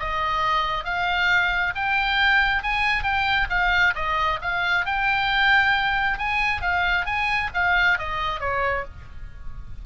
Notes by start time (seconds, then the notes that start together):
0.00 D#5
0.85 F5
1.76 G5
2.63 G#5
3.04 G5
3.50 F5
3.96 D#5
4.42 F5
4.86 G5
6.19 G#5
6.62 F5
7.06 G#5
7.54 F5
7.99 D#5
8.40 C#5